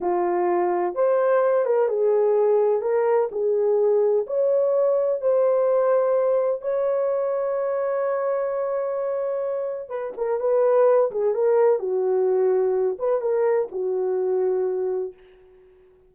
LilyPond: \new Staff \with { instrumentName = "horn" } { \time 4/4 \tempo 4 = 127 f'2 c''4. ais'8 | gis'2 ais'4 gis'4~ | gis'4 cis''2 c''4~ | c''2 cis''2~ |
cis''1~ | cis''4 b'8 ais'8 b'4. gis'8 | ais'4 fis'2~ fis'8 b'8 | ais'4 fis'2. | }